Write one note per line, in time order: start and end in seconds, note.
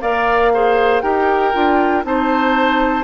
0.00 1.02 A#3
0.00 0.51 A#4
0.00 0.52 D5
0.00 1.01 F5
0.53 1.02 G#4
0.53 1.02 C5
1.01 1.53 D#4
1.01 1.53 G4
1.01 2.04 A#4
1.01 2.03 G5
1.53 2.04 D4
1.53 2.03 F4
2.03 3.03 C4
2.03 3.03 D#4
2.03 3.03 C5
2.03 3.03 A5